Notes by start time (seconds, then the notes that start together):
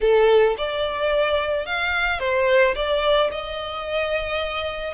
0.01 A4
0.57 D5
1.66 F5
2.19 C5
2.75 D5
3.31 D#5